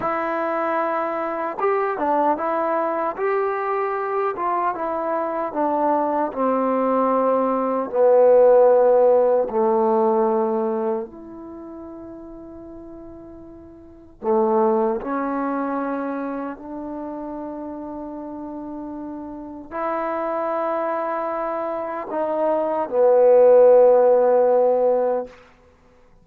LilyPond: \new Staff \with { instrumentName = "trombone" } { \time 4/4 \tempo 4 = 76 e'2 g'8 d'8 e'4 | g'4. f'8 e'4 d'4 | c'2 b2 | a2 e'2~ |
e'2 a4 cis'4~ | cis'4 d'2.~ | d'4 e'2. | dis'4 b2. | }